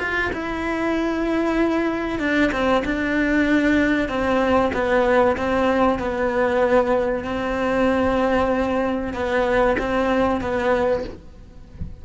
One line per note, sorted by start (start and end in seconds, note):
0.00 0.32 F4
0.34 2.20 E4
2.20 2.51 D4
2.52 2.84 C4
2.85 4.09 D4
4.09 4.72 C4
4.74 5.37 B3
5.38 6.00 C4
6.00 7.25 B3
7.25 9.14 C4
9.14 9.77 B3
9.79 10.42 C4
10.42 11.05 B3